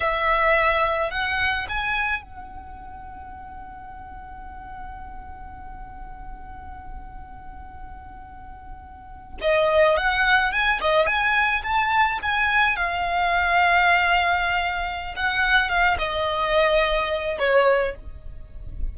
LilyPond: \new Staff \with { instrumentName = "violin" } { \time 4/4 \tempo 4 = 107 e''2 fis''4 gis''4 | fis''1~ | fis''1~ | fis''1~ |
fis''8. dis''4 fis''4 gis''8 dis''8 gis''16~ | gis''8. a''4 gis''4 f''4~ f''16~ | f''2. fis''4 | f''8 dis''2~ dis''8 cis''4 | }